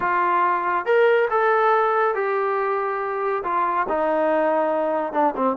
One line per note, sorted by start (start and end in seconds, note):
0.00 0.85 F4
0.85 1.28 A#4
1.30 2.14 A4
2.14 3.43 G4
3.43 3.86 F4
3.88 5.13 D#4
5.13 5.34 D4
5.36 5.56 C4